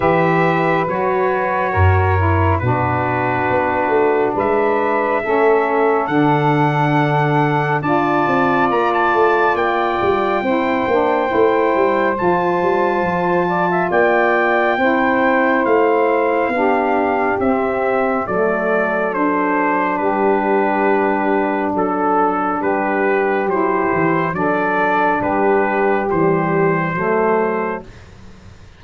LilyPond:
<<
  \new Staff \with { instrumentName = "trumpet" } { \time 4/4 \tempo 4 = 69 e''4 cis''2 b'4~ | b'4 e''2 fis''4~ | fis''4 a''4 ais''16 a''8. g''4~ | g''2 a''2 |
g''2 f''2 | e''4 d''4 c''4 b'4~ | b'4 a'4 b'4 c''4 | d''4 b'4 c''2 | }
  \new Staff \with { instrumentName = "saxophone" } { \time 4/4 b'2 ais'4 fis'4~ | fis'4 b'4 a'2~ | a'4 d''2. | c''2.~ c''8 d''16 e''16 |
d''4 c''2 g'4~ | g'4 a'2 g'4~ | g'4 a'4 g'2 | a'4 g'2 a'4 | }
  \new Staff \with { instrumentName = "saxophone" } { \time 4/4 g'4 fis'4. e'8 d'4~ | d'2 cis'4 d'4~ | d'4 f'2. | e'8 d'8 e'4 f'2~ |
f'4 e'2 d'4 | c'4 a4 d'2~ | d'2. e'4 | d'2 g4 a4 | }
  \new Staff \with { instrumentName = "tuba" } { \time 4/4 e4 fis4 fis,4 b,4 | b8 a8 gis4 a4 d4~ | d4 d'8 c'8 ais8 a8 ais8 g8 | c'8 ais8 a8 g8 f8 g8 f4 |
ais4 c'4 a4 b4 | c'4 fis2 g4~ | g4 fis4 g4 fis8 e8 | fis4 g4 e4 fis4 | }
>>